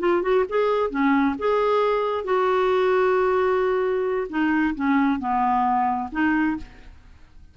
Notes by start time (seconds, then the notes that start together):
0.00 F4
0.23 F#4
0.49 G#4
0.91 C#4
1.39 G#4
2.25 F#4
4.30 D#4
4.75 C#4
5.20 B3
6.12 D#4